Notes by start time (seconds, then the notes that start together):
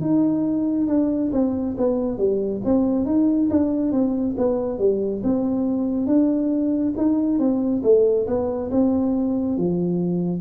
0.00 D#4
0.87 D4
1.32 C4
1.77 B3
2.17 G3
2.64 C4
3.05 D#4
3.50 D4
3.92 C4
4.37 B3
4.78 G3
5.23 C4
6.06 D4
6.96 D#4
7.38 C4
7.83 A3
8.26 B3
8.70 C4
9.57 F3